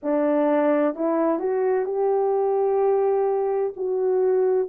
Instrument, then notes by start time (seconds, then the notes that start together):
horn
0.03 D4
0.95 E4
1.39 F#4
1.85 G4
3.76 F#4